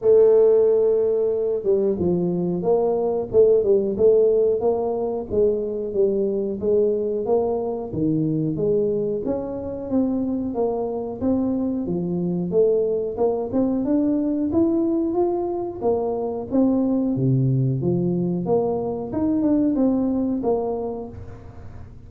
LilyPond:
\new Staff \with { instrumentName = "tuba" } { \time 4/4 \tempo 4 = 91 a2~ a8 g8 f4 | ais4 a8 g8 a4 ais4 | gis4 g4 gis4 ais4 | dis4 gis4 cis'4 c'4 |
ais4 c'4 f4 a4 | ais8 c'8 d'4 e'4 f'4 | ais4 c'4 c4 f4 | ais4 dis'8 d'8 c'4 ais4 | }